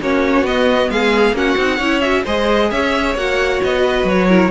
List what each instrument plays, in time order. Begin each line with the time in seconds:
0.00 cello A#3, viola C#4, violin F#4 C#5
0.42 cello B3, viola B3, violin D#5
0.90 cello G#3, violin G#4 F5
1.32 cello A#3, viola C#4, violin F#4 F#5
1.57 cello C4, viola D#4
1.77 cello C#4, viola E4, violin C#5
2.00 viola F#4, violin E5
2.24 cello G#3, viola G#4, violin C5 D#5
2.71 cello C#4, violin C#5 E5
3.15 cello A#3, viola F#4, violin F#5
3.63 cello B3, violin D#5
3.82 violin B4
4.04 cello F#3, violin C#5
4.28 viola E4, violin A#4